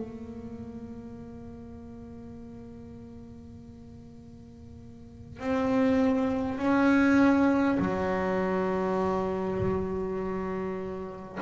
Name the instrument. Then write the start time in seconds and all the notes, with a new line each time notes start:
double bass
0.00 A#3
5.39 C4
6.58 C#4
7.79 F#3